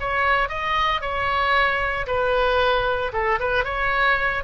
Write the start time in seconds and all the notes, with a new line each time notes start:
0.00 C#5
0.49 D#5
1.01 C#5
2.07 B4
3.13 A4
3.40 B4
3.64 C#5